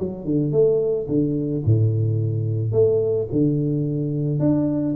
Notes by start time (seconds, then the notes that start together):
0.00 F#3
0.25 D3
0.52 A3
1.09 D3
1.66 A2
2.72 A3
3.32 D3
4.40 D4